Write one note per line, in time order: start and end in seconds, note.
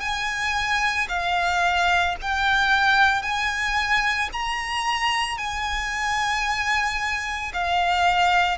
0.00 1.07 G#5
1.09 2.16 F5
2.22 3.22 G5
3.22 4.29 G#5
4.32 5.38 A#5
5.38 7.52 G#5
7.53 8.58 F5